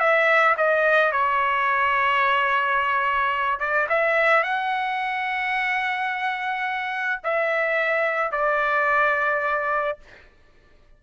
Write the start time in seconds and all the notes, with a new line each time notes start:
0.00 E5
0.58 D#5
1.12 C#5
3.60 D5
3.89 E5
4.43 F#5
7.24 E5
8.32 D5